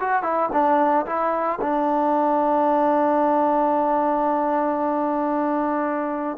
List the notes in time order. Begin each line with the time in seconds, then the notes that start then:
0.00 F#4
0.23 E4
0.53 D4
1.06 E4
1.61 D4